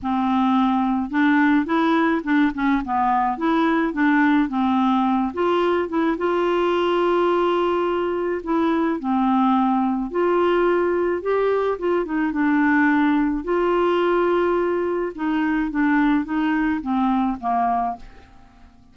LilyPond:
\new Staff \with { instrumentName = "clarinet" } { \time 4/4 \tempo 4 = 107 c'2 d'4 e'4 | d'8 cis'8 b4 e'4 d'4 | c'4. f'4 e'8 f'4~ | f'2. e'4 |
c'2 f'2 | g'4 f'8 dis'8 d'2 | f'2. dis'4 | d'4 dis'4 c'4 ais4 | }